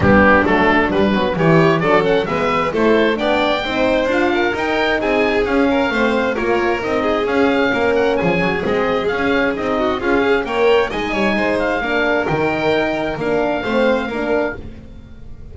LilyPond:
<<
  \new Staff \with { instrumentName = "oboe" } { \time 4/4 \tempo 4 = 132 g'4 a'4 b'4 cis''4 | d''8 fis''8 e''4 c''4 g''4~ | g''4 f''4 g''4 gis''4 | f''2 cis''4 dis''4 |
f''4. fis''8 gis''4 dis''4 | f''4 dis''4 f''4 g''4 | gis''4. f''4. g''4~ | g''4 f''2. | }
  \new Staff \with { instrumentName = "violin" } { \time 4/4 d'2. g'4 | a'4 b'4 a'4 d''4 | c''4. ais'4. gis'4~ | gis'8 ais'8 c''4 ais'4. gis'8~ |
gis'4 ais'4 gis'2~ | gis'4. fis'8 f'8 gis'8 cis''4 | dis''8 cis''8 c''4 ais'2~ | ais'2 c''4 ais'4 | }
  \new Staff \with { instrumentName = "horn" } { \time 4/4 b4 a4 g8 b8 e'4 | d'8 cis'8 b4 e'4 d'4 | dis'4 f'4 dis'2 | cis'4 c'4 f'4 dis'4 |
cis'2. c'4 | cis'4 dis'4 gis'4 ais'4 | dis'2 d'4 dis'4~ | dis'4 d'4 c'4 d'4 | }
  \new Staff \with { instrumentName = "double bass" } { \time 4/4 g4 fis4 g8 fis8 e4 | fis4 gis4 a4 b4 | c'4 d'4 dis'4 c'4 | cis'4 a4 ais4 c'4 |
cis'4 ais4 f8 fis8 gis4 | cis'4 c'4 cis'4 ais4 | gis8 g8 gis4 ais4 dis4~ | dis4 ais4 a4 ais4 | }
>>